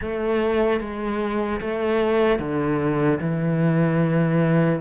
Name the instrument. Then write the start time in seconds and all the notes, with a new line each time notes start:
cello
0.01 A3
0.80 G#3
1.60 A3
2.39 D3
3.20 E3